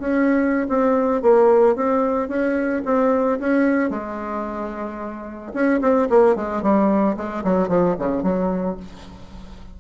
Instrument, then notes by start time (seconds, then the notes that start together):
bassoon
0.00 C#4
0.69 C4
1.22 A#3
1.76 C4
2.29 C#4
2.85 C4
3.40 C#4
3.90 G#3
5.54 C#4
5.82 C4
6.10 A#3
6.36 G#3
6.62 G3
7.17 G#3
7.44 F#3
7.69 F3
7.99 C#3
8.23 F#3